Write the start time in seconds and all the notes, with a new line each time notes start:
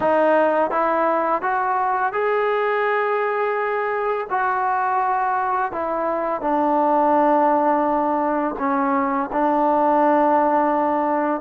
0.00 D#4
0.70 E4
1.42 F#4
2.12 G#4
4.30 F#4
5.71 E4
6.41 D4
8.58 C#4
9.32 D4